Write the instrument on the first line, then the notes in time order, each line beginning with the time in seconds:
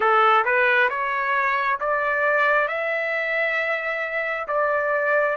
trumpet
0.00 A4
0.44 B4
0.89 C#5
1.80 D5
2.67 E5
4.47 D5